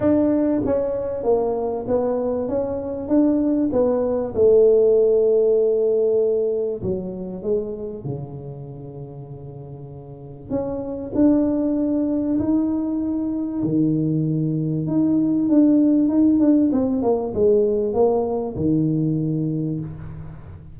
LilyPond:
\new Staff \with { instrumentName = "tuba" } { \time 4/4 \tempo 4 = 97 d'4 cis'4 ais4 b4 | cis'4 d'4 b4 a4~ | a2. fis4 | gis4 cis2.~ |
cis4 cis'4 d'2 | dis'2 dis2 | dis'4 d'4 dis'8 d'8 c'8 ais8 | gis4 ais4 dis2 | }